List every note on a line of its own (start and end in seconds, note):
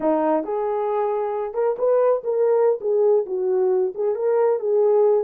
0.00 0.44 D#4
0.44 1.54 G#4
1.54 1.76 A#4
1.78 2.23 B4
2.23 2.79 A#4
2.80 3.25 G#4
3.25 3.93 F#4
3.94 4.15 G#4
4.15 4.59 A#4
4.59 5.24 G#4